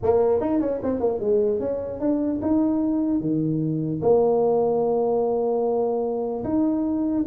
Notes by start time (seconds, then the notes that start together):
0.02 A#3
0.40 D#4
0.60 C#4
0.82 C4
1.00 A#3
1.20 G#3
1.59 C#4
2.00 D4
2.41 D#4
3.20 D#3
4.02 A#3
6.44 D#4